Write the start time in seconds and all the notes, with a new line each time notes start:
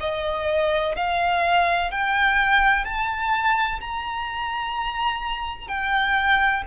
0.00 D#5
0.96 F5
1.91 G5
2.84 A5
3.81 A#5
5.68 G5